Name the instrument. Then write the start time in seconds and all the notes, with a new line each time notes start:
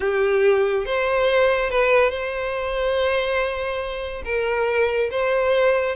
violin
0.00 G4
0.85 C5
1.69 B4
2.10 C5
4.25 A#4
5.11 C5